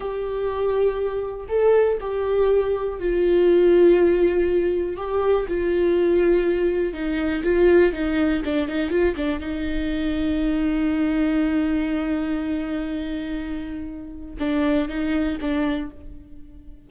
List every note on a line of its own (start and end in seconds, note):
0.00 1.46 G4
1.48 1.97 A4
2.00 2.99 G4
2.99 4.97 F4
4.97 5.46 G4
5.48 6.93 F4
6.93 7.42 D#4
7.43 7.92 F4
7.92 8.42 D#4
8.44 8.68 D4
8.68 8.90 D#4
8.90 9.15 F4
9.16 9.39 D4
9.39 14.35 D#4
14.39 14.88 D4
14.88 15.37 D#4
15.40 15.90 D4